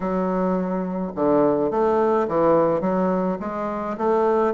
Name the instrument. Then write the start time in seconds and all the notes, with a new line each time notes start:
bassoon
0.00 F#3
1.15 D3
1.70 A3
2.28 E3
2.80 F#3
3.40 G#3
3.97 A3